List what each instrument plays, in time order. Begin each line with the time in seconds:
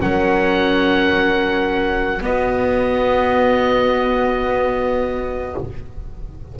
0.00 double bass F#3, viola C#4, horn A#4, oboe F#5
2.20 viola B3, double bass B3, horn F#4, oboe D#5